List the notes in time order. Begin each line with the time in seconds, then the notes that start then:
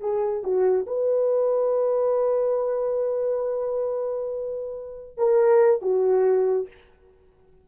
0.00 G#4
0.43 F#4
0.86 B4
5.17 A#4
5.81 F#4